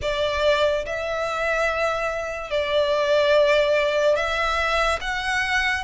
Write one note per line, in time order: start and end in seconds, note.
0.02 0.85 D5
0.85 2.50 E5
2.50 4.16 D5
4.16 4.99 E5
5.00 5.83 F#5